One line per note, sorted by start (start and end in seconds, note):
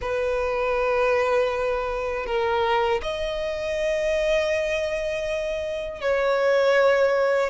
0.01 2.26 B4
2.26 3.01 A#4
3.02 6.01 D#5
6.01 7.50 C#5